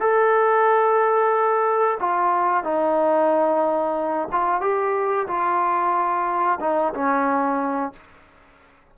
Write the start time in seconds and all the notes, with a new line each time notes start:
0.00 A4
1.99 F4
2.64 D#4
4.32 F4
4.61 G4
5.27 F4
6.60 D#4
6.94 C#4